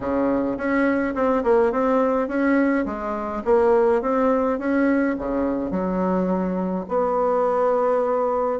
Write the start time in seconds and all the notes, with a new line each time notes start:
0.00 C#3
0.57 C#4
1.14 C4
1.43 A#3
1.72 C4
2.28 C#4
2.85 G#3
3.44 A#3
4.01 C4
4.58 C#4
5.18 C#3
5.70 F#3
6.88 B3